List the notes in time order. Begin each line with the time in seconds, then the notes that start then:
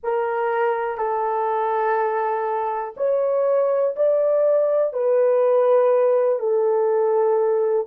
0.03 A#4
0.97 A4
2.96 C#5
3.96 D5
4.93 B4
6.39 A4